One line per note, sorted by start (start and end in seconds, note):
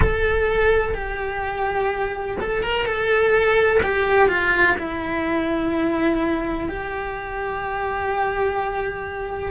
0.00 0.94 A4
0.94 2.37 G4
2.40 2.62 A4
2.62 2.85 A#4
2.85 3.81 A4
3.82 4.28 G4
4.28 4.76 F4
4.78 6.68 E4
6.68 9.51 G4